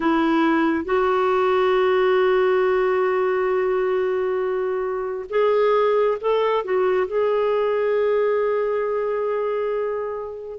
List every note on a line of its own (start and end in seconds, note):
0.00 0.84 E4
0.84 5.25 F#4
5.29 6.18 G#4
6.20 6.64 A4
6.64 7.07 F#4
7.07 10.59 G#4